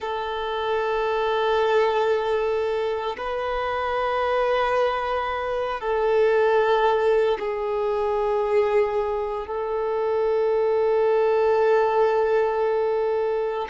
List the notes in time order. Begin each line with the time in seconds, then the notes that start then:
0.00 A4
3.17 B4
5.80 A4
7.39 G#4
9.46 A4